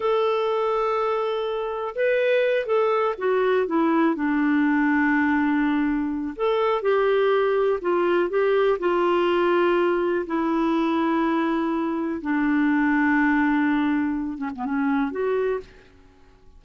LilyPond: \new Staff \with { instrumentName = "clarinet" } { \time 4/4 \tempo 4 = 123 a'1 | b'4. a'4 fis'4 e'8~ | e'8 d'2.~ d'8~ | d'4 a'4 g'2 |
f'4 g'4 f'2~ | f'4 e'2.~ | e'4 d'2.~ | d'4. cis'16 b16 cis'4 fis'4 | }